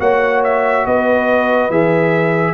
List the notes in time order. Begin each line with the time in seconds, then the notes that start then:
0.00 A#3 F#4 C#5 F#5
0.44 E5
0.86 B3 B4 D#5
1.70 E3 G#4 E5